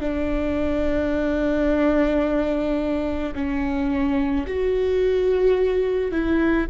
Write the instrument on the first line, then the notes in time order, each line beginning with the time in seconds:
viola
0.00 D4
3.34 C#4
4.46 F#4
6.11 E4